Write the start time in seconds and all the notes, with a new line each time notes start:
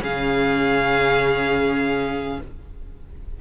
0.00 C#3 C#4 G#4 F5